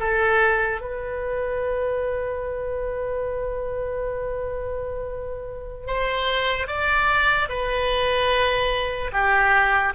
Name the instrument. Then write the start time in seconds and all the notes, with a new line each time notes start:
oboe
0.00 A4
0.81 B4
5.87 C5
6.68 D5
7.49 B4
9.13 G4